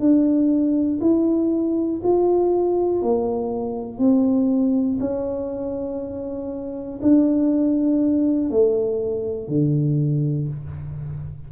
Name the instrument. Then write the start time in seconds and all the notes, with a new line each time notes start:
tuba
0.00 D4
1.01 E4
2.04 F4
3.02 A#3
3.99 C4
5.01 C#4
7.02 D4
8.51 A3
9.49 D3